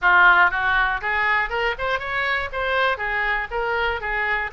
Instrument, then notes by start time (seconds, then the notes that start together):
oboe
0.01 F4
0.50 F#4
1.01 G#4
1.49 A#4
1.78 C5
1.99 C#5
2.52 C5
2.97 G#4
3.50 A#4
4.00 G#4